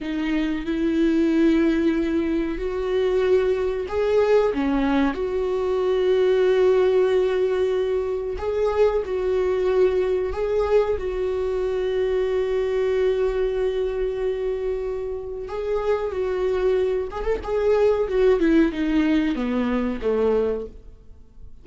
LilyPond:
\new Staff \with { instrumentName = "viola" } { \time 4/4 \tempo 4 = 93 dis'4 e'2. | fis'2 gis'4 cis'4 | fis'1~ | fis'4 gis'4 fis'2 |
gis'4 fis'2.~ | fis'1 | gis'4 fis'4. gis'16 a'16 gis'4 | fis'8 e'8 dis'4 b4 a4 | }